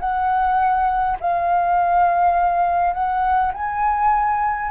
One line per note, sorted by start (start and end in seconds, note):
0.00 1.18 F#5
1.21 2.94 F5
2.94 3.52 F#5
3.54 4.72 G#5